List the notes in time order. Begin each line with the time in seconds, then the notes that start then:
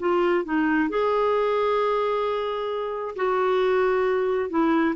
0.00 F4
0.45 D#4
0.90 G#4
3.16 F#4
4.50 E4